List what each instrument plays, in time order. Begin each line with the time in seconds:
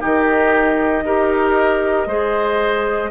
0.00 bassoon D#3, clarinet D#4, oboe G4, flute D#5
1.03 bassoon D#4, clarinet G4, oboe A#4
2.07 bassoon G#3, clarinet G#4, oboe C5